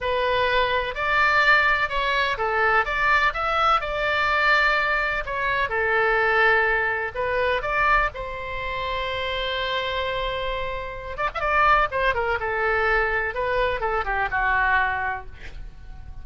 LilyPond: \new Staff \with { instrumentName = "oboe" } { \time 4/4 \tempo 4 = 126 b'2 d''2 | cis''4 a'4 d''4 e''4 | d''2. cis''4 | a'2. b'4 |
d''4 c''2.~ | c''2.~ c''8 d''16 e''16 | d''4 c''8 ais'8 a'2 | b'4 a'8 g'8 fis'2 | }